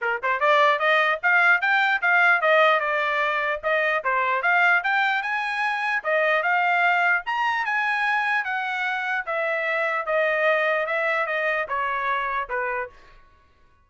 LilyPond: \new Staff \with { instrumentName = "trumpet" } { \time 4/4 \tempo 4 = 149 ais'8 c''8 d''4 dis''4 f''4 | g''4 f''4 dis''4 d''4~ | d''4 dis''4 c''4 f''4 | g''4 gis''2 dis''4 |
f''2 ais''4 gis''4~ | gis''4 fis''2 e''4~ | e''4 dis''2 e''4 | dis''4 cis''2 b'4 | }